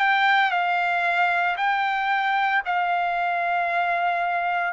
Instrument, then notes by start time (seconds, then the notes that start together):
trumpet
0.00 G5
0.51 F5
1.57 G5
2.66 F5